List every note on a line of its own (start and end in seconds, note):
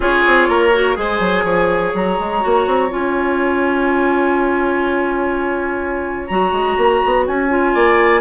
0.00 0.23 C#4
0.00 0.72 F4
0.00 0.48 G#4
0.00 0.96 C#5
0.26 0.48 C4
0.48 0.96 A#3
0.48 0.96 A#4
0.72 0.94 F#4
0.94 1.19 G#3
0.94 2.40 G#4
0.94 1.44 C5
0.94 1.93 G#5
1.19 1.43 F#3
1.43 1.92 F3
1.43 7.73 C#5
1.94 2.18 F#3
1.94 2.91 A#5
2.19 2.43 G#3
2.40 2.66 A#3
2.40 2.88 F#4
2.66 2.91 C4
2.89 6.30 C#4
2.89 6.28 F4
2.89 6.27 G#5
6.27 6.52 F#3
6.27 7.48 F#4
6.27 7.24 A#5
6.52 6.76 G#3
6.77 7.01 A#3
7.05 7.27 B3
7.27 7.74 C#4
7.27 8.20 G#5
7.48 8.20 F4
7.74 8.20 A#3
7.74 8.20 D5